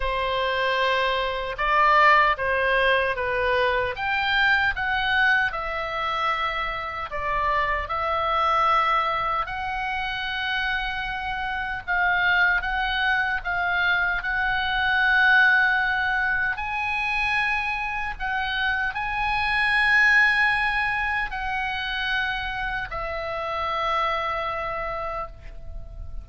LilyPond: \new Staff \with { instrumentName = "oboe" } { \time 4/4 \tempo 4 = 76 c''2 d''4 c''4 | b'4 g''4 fis''4 e''4~ | e''4 d''4 e''2 | fis''2. f''4 |
fis''4 f''4 fis''2~ | fis''4 gis''2 fis''4 | gis''2. fis''4~ | fis''4 e''2. | }